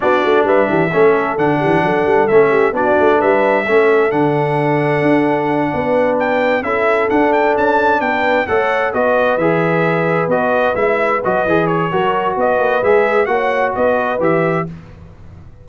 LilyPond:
<<
  \new Staff \with { instrumentName = "trumpet" } { \time 4/4 \tempo 4 = 131 d''4 e''2 fis''4~ | fis''4 e''4 d''4 e''4~ | e''4 fis''2.~ | fis''4. g''4 e''4 fis''8 |
g''8 a''4 g''4 fis''4 dis''8~ | dis''8 e''2 dis''4 e''8~ | e''8 dis''4 cis''4. dis''4 | e''4 fis''4 dis''4 e''4 | }
  \new Staff \with { instrumentName = "horn" } { \time 4/4 fis'4 b'8 g'8 a'4. g'8 | a'4. g'8 fis'4 b'4 | a'1~ | a'8 b'2 a'4.~ |
a'4. b'4 cis''4 b'8~ | b'1~ | b'2 ais'4 b'4~ | b'4 cis''4 b'2 | }
  \new Staff \with { instrumentName = "trombone" } { \time 4/4 d'2 cis'4 d'4~ | d'4 cis'4 d'2 | cis'4 d'2.~ | d'2~ d'8 e'4 d'8~ |
d'2~ d'8 a'4 fis'8~ | fis'8 gis'2 fis'4 e'8~ | e'8 fis'8 gis'4 fis'2 | gis'4 fis'2 g'4 | }
  \new Staff \with { instrumentName = "tuba" } { \time 4/4 b8 a8 g8 e8 a4 d8 e8 | fis8 g8 a4 b8 a8 g4 | a4 d2 d'4~ | d'8 b2 cis'4 d'8~ |
d'8 cis'4 b4 a4 b8~ | b8 e2 b4 gis8~ | gis8 fis8 e4 fis4 b8 ais8 | gis4 ais4 b4 e4 | }
>>